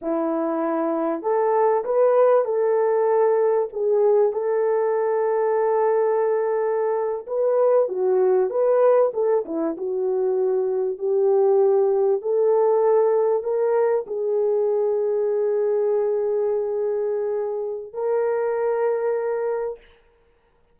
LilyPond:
\new Staff \with { instrumentName = "horn" } { \time 4/4 \tempo 4 = 97 e'2 a'4 b'4 | a'2 gis'4 a'4~ | a'2.~ a'8. b'16~ | b'8. fis'4 b'4 a'8 e'8 fis'16~ |
fis'4.~ fis'16 g'2 a'16~ | a'4.~ a'16 ais'4 gis'4~ gis'16~ | gis'1~ | gis'4 ais'2. | }